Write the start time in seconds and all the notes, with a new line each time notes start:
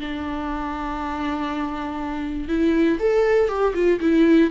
0.00 D4
2.48 E4
2.99 A4
3.48 G4
3.74 F4
4.00 E4